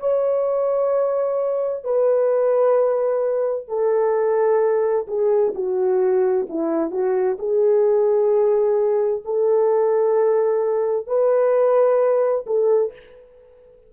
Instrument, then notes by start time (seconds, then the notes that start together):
horn
0.00 C#5
1.85 B4
3.68 A4
5.08 G#4
5.55 F#4
6.50 E4
6.91 F#4
7.39 G#4
9.26 A4
11.07 B4
12.47 A4